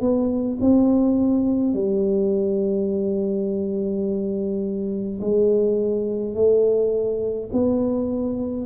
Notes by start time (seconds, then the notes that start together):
0.00 B3
0.60 C4
1.73 G3
5.20 G#3
6.34 A3
7.52 B3